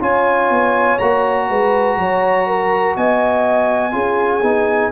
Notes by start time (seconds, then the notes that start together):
0.00 C#4 F4 C#5 G#5
0.50 B3
0.98 A#3 F#4 A#5
1.49 G#3 B4
1.97 F#3 C#5
2.47 A#4
2.97 B3 D#5 G#5
3.91 C#4 F4 G#4
4.42 B3 D#4